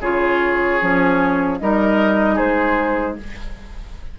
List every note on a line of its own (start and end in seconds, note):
0.00 0.79 C#3
0.00 0.80 F4
0.00 1.58 G#4
0.00 1.59 C#5
0.80 1.60 F3
0.80 1.59 C#4
1.59 2.39 G3
1.59 3.18 D#4
1.59 2.35 A#4
1.59 2.37 D#5
2.35 3.18 G#3
2.35 3.13 G#4
2.35 3.16 C5